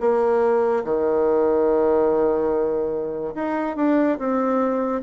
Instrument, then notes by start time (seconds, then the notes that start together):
bassoon
0.00 A#3
0.84 D#3
3.35 D#4
3.76 D4
4.18 C4